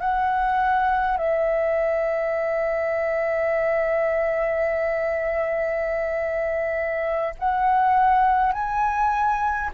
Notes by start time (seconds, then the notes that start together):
0.00 F#5
1.17 E5
7.39 F#5
8.52 G#5